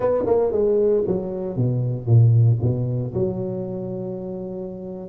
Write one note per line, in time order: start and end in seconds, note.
0.00 0.23 B3
0.26 0.51 A#3
0.51 1.04 G#3
1.06 1.56 F#3
1.56 2.06 B2
2.06 2.58 A#2
2.61 3.13 B2
3.14 5.09 F#3